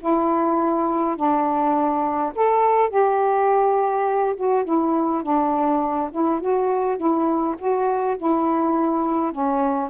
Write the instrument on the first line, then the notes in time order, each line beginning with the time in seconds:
saxophone
0.00 E4
1.16 D4
2.35 A4
2.89 G4
4.36 F#4
4.64 E4
5.23 D4
6.11 E4
6.40 F#4
6.97 E4
7.58 F#4
8.17 E4
9.32 C#4